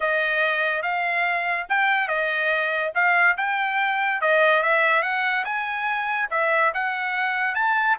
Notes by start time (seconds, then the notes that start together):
0.00 D#5
0.82 F5
1.69 G5
2.08 D#5
2.94 F5
3.37 G5
4.21 D#5
4.62 E5
5.02 F#5
5.44 G#5
6.30 E5
6.74 F#5
7.54 A5